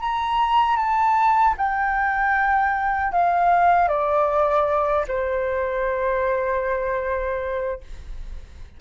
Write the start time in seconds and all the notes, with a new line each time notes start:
0.00 A#5
0.77 A5
1.58 G5
3.12 F5
3.88 D5
5.08 C5